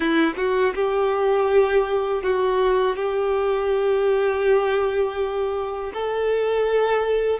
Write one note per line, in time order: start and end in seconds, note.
0.00 0.33 E4
0.36 0.73 F#4
0.74 2.22 G4
2.22 2.96 F#4
2.96 5.92 G4
5.93 7.39 A4